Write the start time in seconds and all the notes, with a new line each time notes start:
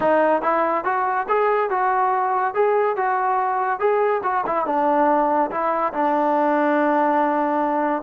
0.00 D#4
0.41 E4
0.84 F#4
1.28 G#4
1.69 F#4
2.54 G#4
2.96 F#4
3.79 G#4
4.23 F#4
4.46 E4
4.66 D4
5.50 E4
5.93 D4